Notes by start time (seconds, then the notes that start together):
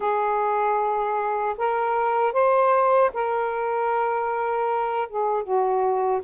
0.00 G#4
1.57 A#4
2.32 C5
3.13 A#4
5.08 G#4
5.43 F#4